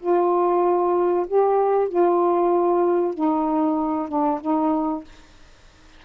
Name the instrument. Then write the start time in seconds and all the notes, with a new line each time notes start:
saxophone
0.00 F4
1.27 G4
1.89 F4
3.14 D#4
4.09 D4
4.41 D#4